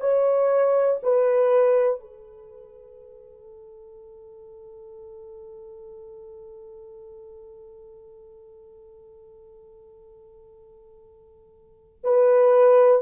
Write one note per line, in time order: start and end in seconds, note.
0.00 1.00 C#5
1.03 2.00 B4
2.00 12.00 A4
12.04 13.02 B4